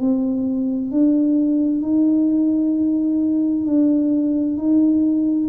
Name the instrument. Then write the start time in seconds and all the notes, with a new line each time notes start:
tuba
0.00 C4
0.92 D4
1.83 D#4
3.67 D4
4.58 D#4